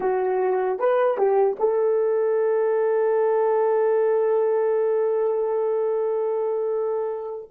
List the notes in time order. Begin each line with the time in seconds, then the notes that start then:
0.00 F#4
0.79 B4
1.17 G4
1.59 A4